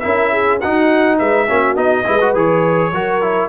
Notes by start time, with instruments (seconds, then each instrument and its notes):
0.00 tuba C#4, trombone E4, horn A#4, trumpet E5
0.31 horn G#4
0.60 tuba D#4, trombone D#4, horn F#4, trumpet F#5
1.18 tuba G#3, horn B4, trumpet E5
1.48 tuba A#3, trombone C#4, horn F#4
1.75 tuba B3, trombone D#4, trumpet D#5
2.04 tuba G#3, trombone E4, horn B4
2.21 trombone F#4
2.34 tuba E3, trombone G#4, trumpet C#5
2.92 tuba F#3, trombone F#4, horn A#4
3.22 trombone E4